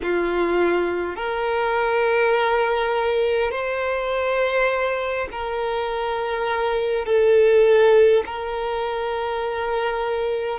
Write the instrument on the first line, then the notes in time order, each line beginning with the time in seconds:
violin
0.02 F4
1.16 A#4
3.51 C5
5.32 A#4
7.05 A4
8.26 A#4